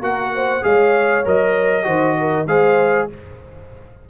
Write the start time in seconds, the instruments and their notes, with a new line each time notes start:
0.00 tuba A#3, trombone F#4, horn A#4, trumpet F#5
0.34 horn C5
0.62 tuba G#3, trombone G#4, horn C#5, trumpet F5
1.25 tuba F#3, trombone A#4, trumpet D#5
1.83 tuba D#3, trombone F#4, horn C5
2.18 horn A#4
2.47 tuba G#3, trombone G#4, horn C5, trumpet F5